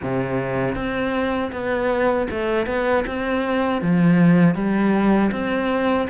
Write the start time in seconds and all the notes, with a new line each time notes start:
0.02 C3
0.75 C4
1.52 B3
2.30 A3
2.66 B3
3.07 C4
3.81 F3
4.55 G3
5.31 C4